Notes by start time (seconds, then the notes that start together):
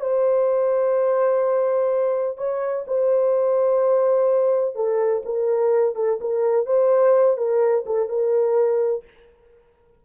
0.00 C5
2.37 C#5
2.87 C5
4.75 A4
5.25 A#4
5.95 A4
6.21 A#4
6.66 C5
7.37 A#4
7.86 A4
8.08 A#4